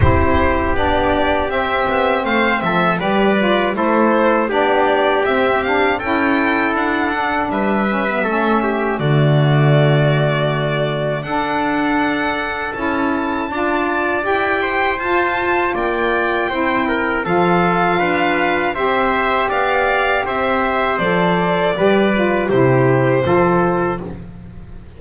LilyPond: <<
  \new Staff \with { instrumentName = "violin" } { \time 4/4 \tempo 4 = 80 c''4 d''4 e''4 f''8 e''8 | d''4 c''4 d''4 e''8 f''8 | g''4 fis''4 e''2 | d''2. fis''4~ |
fis''4 a''2 g''4 | a''4 g''2 f''4~ | f''4 e''4 f''4 e''4 | d''2 c''2 | }
  \new Staff \with { instrumentName = "trumpet" } { \time 4/4 g'2. c''8 a'8 | b'4 a'4 g'2 | a'2 b'4 a'8 g'8 | fis'2. a'4~ |
a'2 d''4. c''8~ | c''4 d''4 c''8 ais'8 a'4 | b'4 c''4 d''4 c''4~ | c''4 b'4 g'4 a'4 | }
  \new Staff \with { instrumentName = "saxophone" } { \time 4/4 e'4 d'4 c'2 | g'8 f'8 e'4 d'4 c'8 d'8 | e'4. d'4 cis'16 b16 cis'4 | a2. d'4~ |
d'4 e'4 f'4 g'4 | f'2 e'4 f'4~ | f'4 g'2. | a'4 g'8 f'8 e'4 f'4 | }
  \new Staff \with { instrumentName = "double bass" } { \time 4/4 c'4 b4 c'8 b8 a8 f8 | g4 a4 b4 c'4 | cis'4 d'4 g4 a4 | d2. d'4~ |
d'4 cis'4 d'4 e'4 | f'4 ais4 c'4 f4 | d'4 c'4 b4 c'4 | f4 g4 c4 f4 | }
>>